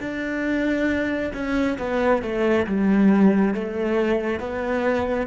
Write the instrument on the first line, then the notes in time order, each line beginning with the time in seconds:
cello
0.00 D4
1.34 C#4
1.78 B3
2.22 A3
2.67 G3
3.54 A3
4.40 B3